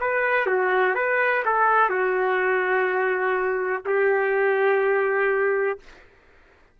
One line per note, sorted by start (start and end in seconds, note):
0.00 0.46 B4
0.46 0.95 F#4
0.95 1.43 B4
1.45 1.90 A4
1.90 3.83 F#4
3.86 5.79 G4